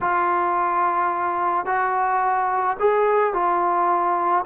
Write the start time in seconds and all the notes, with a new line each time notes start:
0.01 F4
1.65 F#4
2.79 G#4
3.33 F4